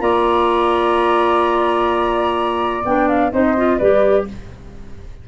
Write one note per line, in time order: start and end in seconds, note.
0.00 2.84 A#3
0.00 2.83 F4
0.00 3.33 D5
0.00 2.84 A#5
2.85 3.33 B3
2.85 3.31 D4
2.85 3.08 G5
3.08 3.32 F5
3.31 3.80 C4
3.31 3.55 D#4
3.31 3.78 C5
3.31 3.79 D#5
3.57 3.81 F4
3.78 4.28 G3
3.78 4.28 G4
3.78 4.25 B4
3.78 4.26 D5